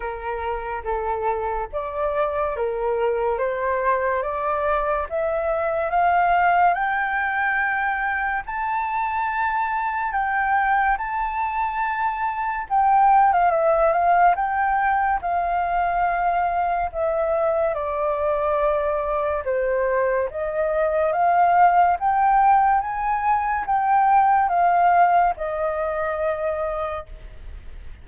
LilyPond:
\new Staff \with { instrumentName = "flute" } { \time 4/4 \tempo 4 = 71 ais'4 a'4 d''4 ais'4 | c''4 d''4 e''4 f''4 | g''2 a''2 | g''4 a''2 g''8. f''16 |
e''8 f''8 g''4 f''2 | e''4 d''2 c''4 | dis''4 f''4 g''4 gis''4 | g''4 f''4 dis''2 | }